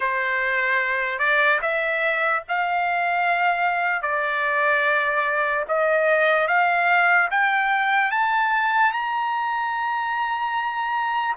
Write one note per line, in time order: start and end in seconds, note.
0.00 1.19 C5
1.19 1.59 D5
1.61 2.42 E5
2.48 4.02 F5
4.02 5.64 D5
5.68 6.47 D#5
6.47 7.28 F5
7.30 8.11 G5
8.11 8.92 A5
8.92 11.35 A#5